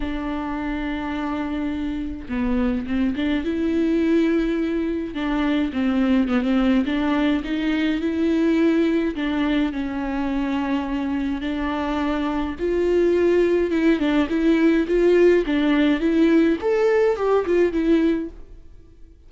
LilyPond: \new Staff \with { instrumentName = "viola" } { \time 4/4 \tempo 4 = 105 d'1 | b4 c'8 d'8 e'2~ | e'4 d'4 c'4 b16 c'8. | d'4 dis'4 e'2 |
d'4 cis'2. | d'2 f'2 | e'8 d'8 e'4 f'4 d'4 | e'4 a'4 g'8 f'8 e'4 | }